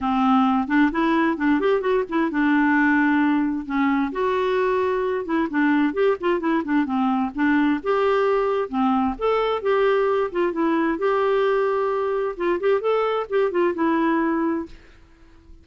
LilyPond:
\new Staff \with { instrumentName = "clarinet" } { \time 4/4 \tempo 4 = 131 c'4. d'8 e'4 d'8 g'8 | fis'8 e'8 d'2. | cis'4 fis'2~ fis'8 e'8 | d'4 g'8 f'8 e'8 d'8 c'4 |
d'4 g'2 c'4 | a'4 g'4. f'8 e'4 | g'2. f'8 g'8 | a'4 g'8 f'8 e'2 | }